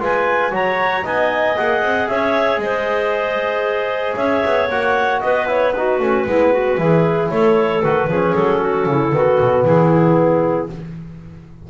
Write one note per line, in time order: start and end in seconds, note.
0.00 0.53 G#3
0.00 0.51 F4
0.00 0.53 B4
0.00 0.54 G#5
0.51 1.05 F#3
0.51 1.03 F#4
0.51 1.05 C#5
0.51 1.06 A#5
1.04 1.57 B3
1.04 1.56 D#4
1.04 2.10 D#5
1.04 1.58 G#5
1.57 1.82 A#3
1.57 4.70 G#4
1.57 2.09 F#5
1.82 2.08 C4
2.09 2.58 C#4
2.09 2.62 C#5
2.09 2.60 E5
2.58 4.14 G#3
2.58 4.17 C5
2.58 4.16 D#5
4.17 4.44 C#4
4.17 5.22 C#5
4.17 4.69 E5
4.46 4.70 B3
4.70 5.22 A#3
4.70 5.47 F#4
4.70 5.21 F#5
5.21 6.00 B3
5.21 5.75 B4
5.21 5.47 D#5
5.47 5.73 E4
5.47 5.72 C#5
5.72 6.01 D#4
5.72 6.28 F#4
5.72 7.29 B4
6.00 6.26 A3
6.00 6.27 C#4
6.26 6.78 G#3
6.26 6.78 B3
6.26 6.53 E4
6.53 6.79 F#4
6.78 7.30 E3
6.78 7.83 E4
6.78 7.31 G#4
7.31 7.83 A3
7.31 8.09 A4
7.31 7.83 C#5
7.83 8.08 D#3
7.83 8.10 F#4
7.83 8.35 B4
8.08 8.34 F3
8.08 9.12 C#4
8.08 8.61 G#4
8.35 8.87 F#3
8.35 9.65 A4
8.61 8.87 F#4
8.87 9.13 C#3
8.87 9.15 E4
9.12 9.39 D#3
9.12 10.69 B3
9.12 9.65 F#4
9.41 9.65 B2
9.65 10.69 E3
9.65 10.70 E4
9.65 10.71 G#4